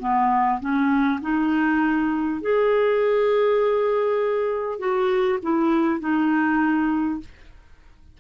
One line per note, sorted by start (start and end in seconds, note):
0.00 0.60 B3
0.61 1.21 C#4
1.21 2.41 D#4
2.42 4.79 G#4
4.79 5.39 F#4
5.43 6.00 E4
6.00 7.20 D#4